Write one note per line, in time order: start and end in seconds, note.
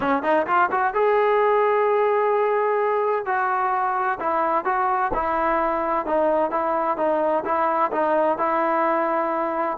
0.00 0.23 C#4
0.23 0.46 D#4
0.46 0.70 F4
0.71 0.94 F#4
0.94 3.25 G#4
3.25 4.18 F#4
4.19 4.64 E4
4.64 5.11 F#4
5.13 6.05 E4
6.05 6.51 D#4
6.51 6.97 E4
6.97 7.43 D#4
7.44 7.91 E4
7.91 8.38 D#4
8.38 9.77 E4